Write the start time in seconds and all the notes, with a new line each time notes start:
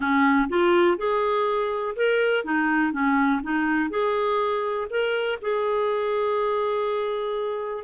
0.00 C#4
0.49 F4
0.97 G#4
1.95 A#4
2.44 D#4
2.92 C#4
3.43 D#4
3.90 G#4
4.89 A#4
5.41 G#4